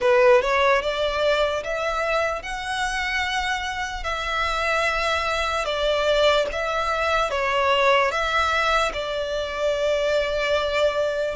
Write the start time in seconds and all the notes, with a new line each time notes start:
0.00 B4
0.41 C#5
0.81 D5
1.63 E5
2.42 F#5
4.03 E5
5.65 D5
6.52 E5
7.30 C#5
8.11 E5
8.93 D5